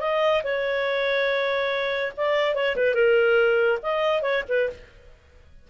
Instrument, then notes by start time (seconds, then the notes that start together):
clarinet
0.00 D#5
0.44 C#5
2.17 D5
2.55 C#5
2.76 B4
2.94 A#4
3.82 D#5
4.22 C#5
4.49 B4